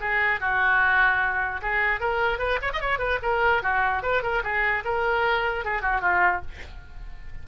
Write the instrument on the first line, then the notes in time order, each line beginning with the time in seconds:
oboe
0.00 G#4
0.40 F#4
1.62 G#4
2.00 A#4
2.38 B4
2.62 C#5
2.73 D#5
2.80 C#5
2.99 B4
3.22 A#4
3.62 F#4
4.02 B4
4.22 A#4
4.43 G#4
4.84 A#4
5.64 G#4
5.81 F#4
6.01 F4